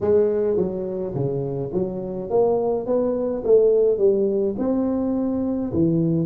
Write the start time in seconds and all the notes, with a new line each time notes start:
0.00 G#3
0.56 F#3
1.14 C#3
1.73 F#3
2.30 A#3
2.86 B3
3.44 A3
3.98 G3
4.58 C4
5.72 E3